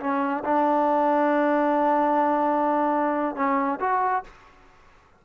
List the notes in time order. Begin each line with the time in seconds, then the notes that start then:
0.00 C#4
0.44 D4
3.36 C#4
3.80 F#4